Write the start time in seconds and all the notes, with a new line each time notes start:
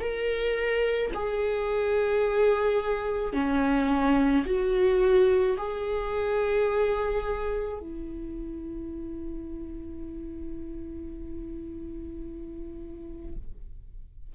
0.00 A#4
1.15 G#4
3.33 C#4
4.46 F#4
5.58 G#4
7.80 E4